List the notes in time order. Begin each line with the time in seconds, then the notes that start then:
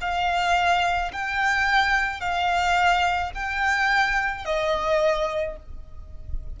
0.00 F5
1.12 G5
2.20 F5
3.34 G5
4.45 D#5